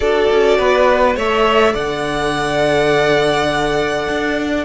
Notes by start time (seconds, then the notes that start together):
0.00 D4 F#4 A4 D5
0.30 C#4
0.58 B3 B4
1.16 A3 A4 C#5 E5
1.73 D3 D5 F#5
4.08 D4